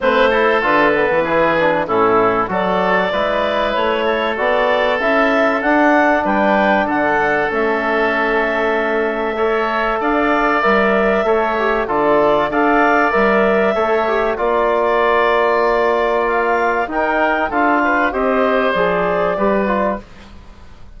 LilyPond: <<
  \new Staff \with { instrumentName = "clarinet" } { \time 4/4 \tempo 4 = 96 c''4 b'2 a'4 | d''2 cis''4 d''4 | e''4 fis''4 g''4 fis''4 | e''1 |
f''4 e''2 d''4 | f''4 e''2 d''4~ | d''2 f''4 g''4 | f''4 dis''4 d''2 | }
  \new Staff \with { instrumentName = "oboe" } { \time 4/4 b'8 a'4. gis'4 e'4 | a'4 b'4. a'4.~ | a'2 b'4 a'4~ | a'2. cis''4 |
d''2 cis''4 a'4 | d''2 cis''4 d''4~ | d''2. ais'4 | a'8 b'8 c''2 b'4 | }
  \new Staff \with { instrumentName = "trombone" } { \time 4/4 c'8 e'8 f'8 b8 e'8 d'8 cis'4 | fis'4 e'2 fis'4 | e'4 d'2. | cis'2. a'4~ |
a'4 ais'4 a'8 g'8 f'4 | a'4 ais'4 a'8 g'8 f'4~ | f'2. dis'4 | f'4 g'4 gis'4 g'8 f'8 | }
  \new Staff \with { instrumentName = "bassoon" } { \time 4/4 a4 d8. e4~ e16 a,4 | fis4 gis4 a4 b4 | cis'4 d'4 g4 d4 | a1 |
d'4 g4 a4 d4 | d'4 g4 a4 ais4~ | ais2. dis'4 | d'4 c'4 f4 g4 | }
>>